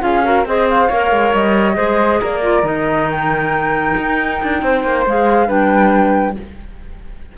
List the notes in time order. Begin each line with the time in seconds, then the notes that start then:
0.00 C#4 F4 G#4 F5
0.23 F#4 A#4
0.45 C4 G#4 C5 D#5
0.69 F5
0.88 A#3 A#4 C#5
1.11 G#3
1.33 G3 D#5
1.74 G#3 G#4 C5
2.20 A#3 A#4 D5
2.41 F4
2.63 D#3 D#4 D#5
3.10 G5
3.97 D#4
4.42 D4
4.62 C4 C5
4.84 A#3
5.06 G#3 G#4 F5
5.46 G3 D4 B4 G5